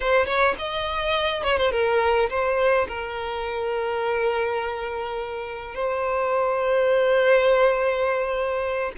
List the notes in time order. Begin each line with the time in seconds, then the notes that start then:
0.00 C5
0.25 C#5
0.58 D#5
1.43 C#5
1.57 C5
1.71 A#4
2.29 C5
2.87 A#4
5.74 C5